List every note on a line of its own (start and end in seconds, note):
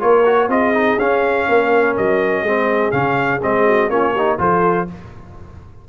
0.00 0.49 A#3
0.00 0.24 F4
0.00 0.51 A#4
0.00 0.50 C#5
0.26 0.50 F#4
0.49 0.98 C4
0.49 0.74 F4
0.49 1.49 G#4
0.49 0.99 D#5
0.74 0.99 D#4
0.99 1.48 C#4
0.99 2.47 C#4
0.99 1.97 F5
1.49 1.98 A#3
1.49 2.45 A#4
1.97 2.43 F#3
1.97 2.92 D#5
2.43 2.92 G#3
2.43 2.92 C4
2.43 3.66 G#4
2.92 3.42 C#3
2.92 3.41 C#4
2.92 3.41 F5
3.42 3.90 G#3
3.42 3.91 C4
3.42 3.90 D#5
3.66 3.90 F#4
3.90 4.39 A#3
3.90 4.15 C#4
3.90 4.12 F4
3.90 4.39 C#5
4.12 4.39 D#4
4.12 4.37 G4
4.39 4.88 F3
4.39 4.87 F4
4.39 4.89 A4
4.39 4.89 C5